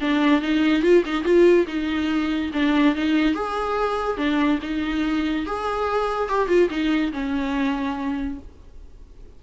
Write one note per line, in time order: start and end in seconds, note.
0.00 0.41 D4
0.41 0.82 D#4
0.82 1.03 F4
1.05 1.24 D#4
1.24 1.66 F4
1.67 2.51 D#4
2.53 2.95 D4
2.95 3.34 D#4
3.34 4.17 G#4
4.17 4.59 D4
4.62 5.46 D#4
5.46 6.28 G#4
6.28 6.48 G4
6.48 6.69 F4
6.70 7.12 D#4
7.12 8.38 C#4